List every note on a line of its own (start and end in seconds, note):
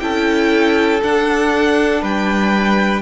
0.00 1.02 C#4
0.00 1.01 E4
0.00 2.02 A4
0.00 1.00 G5
1.02 3.02 D4
1.02 2.02 D4
1.02 2.03 F#5
2.02 3.02 G3
2.02 3.02 B4
2.02 3.02 G5